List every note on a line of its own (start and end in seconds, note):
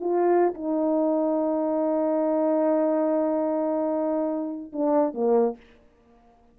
0.00 0.54 F4
0.54 4.72 D#4
4.72 5.14 D4
5.14 5.56 A#3